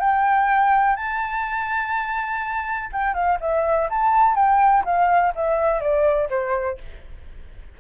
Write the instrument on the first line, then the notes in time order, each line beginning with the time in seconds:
flute
0.00 G5
0.96 A5
2.93 G5
3.14 F5
3.41 E5
3.90 A5
4.35 G5
4.85 F5
5.36 E5
5.80 D5
6.30 C5